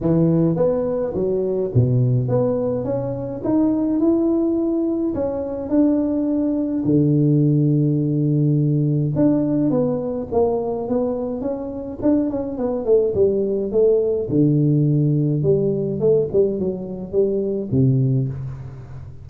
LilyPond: \new Staff \with { instrumentName = "tuba" } { \time 4/4 \tempo 4 = 105 e4 b4 fis4 b,4 | b4 cis'4 dis'4 e'4~ | e'4 cis'4 d'2 | d1 |
d'4 b4 ais4 b4 | cis'4 d'8 cis'8 b8 a8 g4 | a4 d2 g4 | a8 g8 fis4 g4 c4 | }